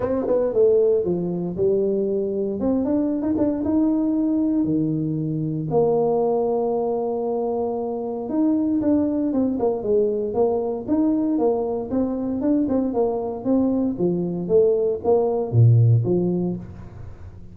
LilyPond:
\new Staff \with { instrumentName = "tuba" } { \time 4/4 \tempo 4 = 116 c'8 b8 a4 f4 g4~ | g4 c'8 d'8. dis'16 d'8 dis'4~ | dis'4 dis2 ais4~ | ais1 |
dis'4 d'4 c'8 ais8 gis4 | ais4 dis'4 ais4 c'4 | d'8 c'8 ais4 c'4 f4 | a4 ais4 ais,4 f4 | }